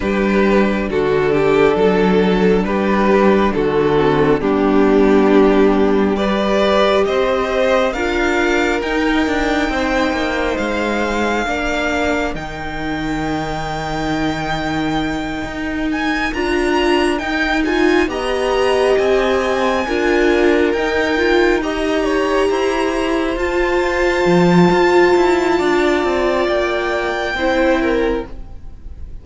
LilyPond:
<<
  \new Staff \with { instrumentName = "violin" } { \time 4/4 \tempo 4 = 68 b'4 a'2 b'4 | a'4 g'2 d''4 | dis''4 f''4 g''2 | f''2 g''2~ |
g''2 gis''8 ais''4 g''8 | gis''8 ais''4 gis''2 g''8~ | g''8 ais''2 a''4.~ | a''2 g''2 | }
  \new Staff \with { instrumentName = "violin" } { \time 4/4 g'4 fis'8 g'8 a'4 g'4 | fis'4 d'2 b'4 | c''4 ais'2 c''4~ | c''4 ais'2.~ |
ais'1~ | ais'8 dis''2 ais'4.~ | ais'8 dis''8 cis''8 c''2~ c''8~ | c''4 d''2 c''8 ais'8 | }
  \new Staff \with { instrumentName = "viola" } { \time 4/4 d'1~ | d'8 c'8 b2 g'4~ | g'4 f'4 dis'2~ | dis'4 d'4 dis'2~ |
dis'2~ dis'8 f'4 dis'8 | f'8 g'2 f'4 dis'8 | f'8 g'2 f'4.~ | f'2. e'4 | }
  \new Staff \with { instrumentName = "cello" } { \time 4/4 g4 d4 fis4 g4 | d4 g2. | c'4 d'4 dis'8 d'8 c'8 ais8 | gis4 ais4 dis2~ |
dis4. dis'4 d'4 dis'8~ | dis'8 b4 c'4 d'4 dis'8~ | dis'4. e'4 f'4 f8 | f'8 e'8 d'8 c'8 ais4 c'4 | }
>>